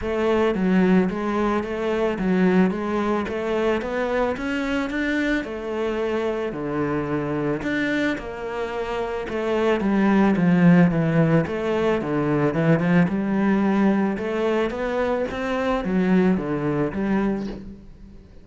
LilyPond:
\new Staff \with { instrumentName = "cello" } { \time 4/4 \tempo 4 = 110 a4 fis4 gis4 a4 | fis4 gis4 a4 b4 | cis'4 d'4 a2 | d2 d'4 ais4~ |
ais4 a4 g4 f4 | e4 a4 d4 e8 f8 | g2 a4 b4 | c'4 fis4 d4 g4 | }